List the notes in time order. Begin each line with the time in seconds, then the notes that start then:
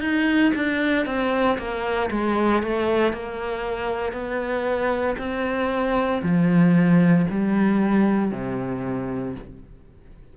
0.00 D#4
0.55 D4
1.06 C4
1.58 A#3
2.10 G#3
2.62 A3
3.13 A#3
4.12 B3
5.18 C4
6.23 F3
7.30 G3
8.31 C3